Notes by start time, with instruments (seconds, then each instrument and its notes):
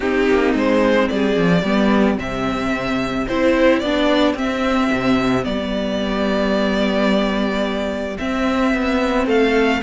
0.00 viola C4, cello C4, violin D#4 G4
0.29 cello A#3
0.54 cello G#3, violin C5
1.08 cello G3, violin G#4 D5
1.37 cello F3
1.61 cello G3, viola B3, violin G4
2.17 cello C3, viola C4, violin E5
3.27 cello C4, viola E4, violin C5
3.79 cello B3, viola D4, violin D5
4.34 cello C4, viola C4, violin E5
4.91 cello C3
5.43 cello G3, viola B3, violin D5
8.18 viola C4, cello C4, violin E5
8.73 cello B3
9.25 cello A3, violin A4 F5